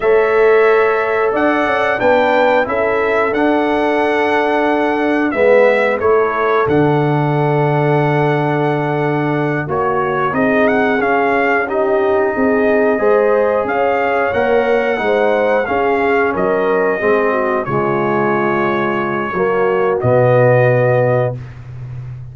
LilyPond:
<<
  \new Staff \with { instrumentName = "trumpet" } { \time 4/4 \tempo 4 = 90 e''2 fis''4 g''4 | e''4 fis''2. | e''4 cis''4 fis''2~ | fis''2~ fis''8 cis''4 dis''8 |
fis''8 f''4 dis''2~ dis''8~ | dis''8 f''4 fis''2 f''8~ | f''8 dis''2 cis''4.~ | cis''2 dis''2 | }
  \new Staff \with { instrumentName = "horn" } { \time 4/4 cis''2 d''4 b'4 | a'1 | b'4 a'2.~ | a'2~ a'8 fis'4 gis'8~ |
gis'4. g'4 gis'4 c''8~ | c''8 cis''2 c''4 gis'8~ | gis'8 ais'4 gis'8 fis'8 f'4.~ | f'4 fis'2. | }
  \new Staff \with { instrumentName = "trombone" } { \time 4/4 a'2. d'4 | e'4 d'2. | b4 e'4 d'2~ | d'2~ d'8 fis'4 dis'8~ |
dis'8 cis'4 dis'2 gis'8~ | gis'4. ais'4 dis'4 cis'8~ | cis'4. c'4 gis4.~ | gis4 ais4 b2 | }
  \new Staff \with { instrumentName = "tuba" } { \time 4/4 a2 d'8 cis'8 b4 | cis'4 d'2. | gis4 a4 d2~ | d2~ d8 ais4 c'8~ |
c'8 cis'2 c'4 gis8~ | gis8 cis'4 ais4 gis4 cis'8~ | cis'8 fis4 gis4 cis4.~ | cis4 fis4 b,2 | }
>>